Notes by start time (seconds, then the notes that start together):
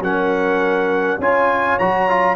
0.00 F#3 C#4 A#4 F#5
1.18 C#4 F4 C#5 G#5
1.78 F#3 F#4 A#5
2.08 F4